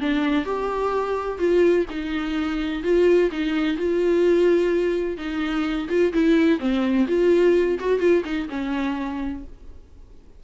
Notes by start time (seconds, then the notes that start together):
0.00 D4
0.45 G4
1.39 F4
1.90 D#4
2.83 F4
3.31 D#4
3.77 F4
5.17 D#4
5.89 F4
6.13 E4
6.59 C4
7.08 F4
7.79 F#4
7.99 F4
8.25 D#4
8.49 C#4